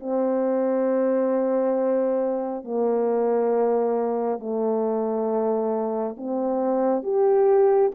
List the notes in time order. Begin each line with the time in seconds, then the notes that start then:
0.00 C4
2.65 A#3
4.40 A3
6.17 C4
7.03 G4